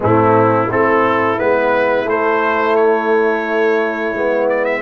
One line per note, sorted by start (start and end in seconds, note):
0.00 0.70 A2
0.00 0.69 A3
0.00 0.68 C4
0.00 0.71 E4
0.68 1.39 A3
0.68 1.37 C4
0.68 4.82 E4
0.68 1.39 A4
1.37 2.04 G#3
1.37 2.06 B3
1.37 2.08 B4
2.04 4.11 A3
2.04 4.15 A3
2.04 2.75 C5
2.75 4.48 C#5
4.12 4.81 G#3
4.12 4.82 B3
4.49 4.64 D5
4.64 4.81 E5